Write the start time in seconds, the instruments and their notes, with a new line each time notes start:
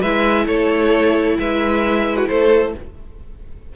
0.00 cello G#3, viola E4, violin B4 E5
0.47 cello A3, violin A4 C#5
1.39 cello G#3, violin B4 E5
2.17 violin F#4
2.28 cello A3, violin A4 C5